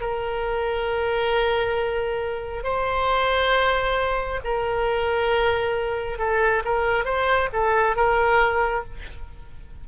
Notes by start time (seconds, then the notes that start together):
0.00 A#4
2.64 C5
4.44 A#4
6.18 A4
6.65 A#4
7.04 C5
7.52 A4
7.95 A#4